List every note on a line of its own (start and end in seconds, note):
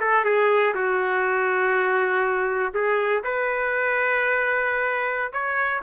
0.00 0.24 A4
0.24 0.74 G#4
0.74 2.73 F#4
2.74 3.23 G#4
3.23 5.32 B4
5.32 5.82 C#5